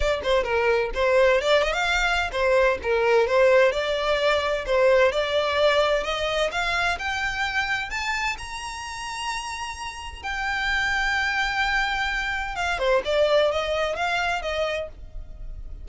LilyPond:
\new Staff \with { instrumentName = "violin" } { \time 4/4 \tempo 4 = 129 d''8 c''8 ais'4 c''4 d''8 dis''16 f''16~ | f''4 c''4 ais'4 c''4 | d''2 c''4 d''4~ | d''4 dis''4 f''4 g''4~ |
g''4 a''4 ais''2~ | ais''2 g''2~ | g''2. f''8 c''8 | d''4 dis''4 f''4 dis''4 | }